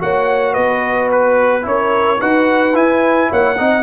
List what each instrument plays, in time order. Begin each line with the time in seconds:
0.00 tuba A#3, trombone F#4, horn C#5, trumpet F#5
0.53 tuba B3, horn B4, trumpet D#5
1.11 trumpet B4
1.62 tuba C#4, trombone E4, horn A#4, trumpet C#5
2.20 tuba D#4, trombone F#4, horn B4, trumpet F#5
2.74 trombone E4, tuba E4, trumpet G#5
3.30 tuba A#3, horn C#5, trumpet F#5
3.58 tuba C4, trombone D#4, horn D#5